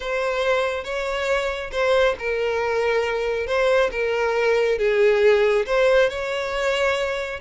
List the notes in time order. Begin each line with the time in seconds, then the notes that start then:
0.00 C5
0.84 C#5
1.71 C5
2.18 A#4
3.46 C5
3.91 A#4
4.78 G#4
5.66 C5
6.09 C#5